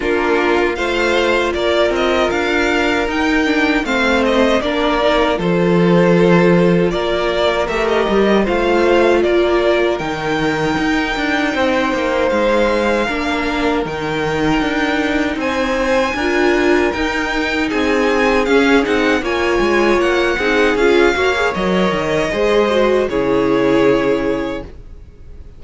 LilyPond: <<
  \new Staff \with { instrumentName = "violin" } { \time 4/4 \tempo 4 = 78 ais'4 f''4 d''8 dis''8 f''4 | g''4 f''8 dis''8 d''4 c''4~ | c''4 d''4 e''16 dis''8. f''4 | d''4 g''2. |
f''2 g''2 | gis''2 g''4 gis''4 | f''8 fis''8 gis''4 fis''4 f''4 | dis''2 cis''2 | }
  \new Staff \with { instrumentName = "violin" } { \time 4/4 f'4 c''4 ais'2~ | ais'4 c''4 ais'4 a'4~ | a'4 ais'2 c''4 | ais'2. c''4~ |
c''4 ais'2. | c''4 ais'2 gis'4~ | gis'4 cis''4. gis'4 cis''8~ | cis''4 c''4 gis'2 | }
  \new Staff \with { instrumentName = "viola" } { \time 4/4 d'4 f'2. | dis'8 d'8 c'4 d'8 dis'8 f'4~ | f'2 g'4 f'4~ | f'4 dis'2.~ |
dis'4 d'4 dis'2~ | dis'4 f'4 dis'2 | cis'8 dis'8 f'4. dis'8 f'8 fis'16 gis'16 | ais'4 gis'8 fis'8 e'2 | }
  \new Staff \with { instrumentName = "cello" } { \time 4/4 ais4 a4 ais8 c'8 d'4 | dis'4 a4 ais4 f4~ | f4 ais4 a8 g8 a4 | ais4 dis4 dis'8 d'8 c'8 ais8 |
gis4 ais4 dis4 d'4 | c'4 d'4 dis'4 c'4 | cis'8 c'8 ais8 gis8 ais8 c'8 cis'8 ais8 | fis8 dis8 gis4 cis2 | }
>>